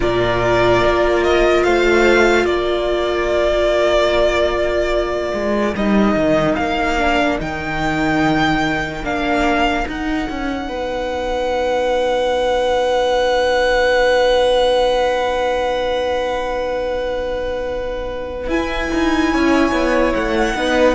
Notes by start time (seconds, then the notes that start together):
0.00 A#2 F4 A#4 D5
0.84 A#3
1.23 D#5
1.63 A3 C5 F5
2.44 A#3 A#4 D5
5.33 G#3
5.74 G3 D#4 D#5
6.16 D#3
6.55 A#3 F5
6.98 D4
7.38 D#3 D#4 G5
9.03 A#3 D4 F5
9.84 D#4 F#5
10.29 C#4
10.68 B3 B4
18.47 E4 G#5
18.93 D#4
19.32 C#4 C#5
19.71 B3
20.14 A3 F#5
20.54 B3 D#4 B4